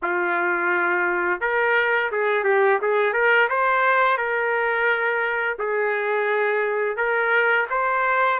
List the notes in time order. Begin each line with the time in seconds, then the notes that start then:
0.02 F4
1.40 A#4
2.11 G#4
2.44 G4
2.81 G#4
3.13 A#4
3.49 C5
4.17 A#4
5.58 G#4
6.96 A#4
7.69 C5